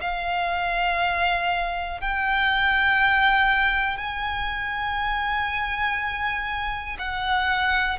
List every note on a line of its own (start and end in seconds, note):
0.00 2.00 F5
2.00 3.97 G5
3.97 6.97 G#5
6.99 7.99 F#5